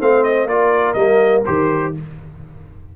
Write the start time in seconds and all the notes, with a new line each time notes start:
0.00 A3 C4 C5 F5
0.24 D#5
0.46 A#3 F4 A#4 D5
0.94 G3 A#3 D#5
1.45 D#3 G4 C5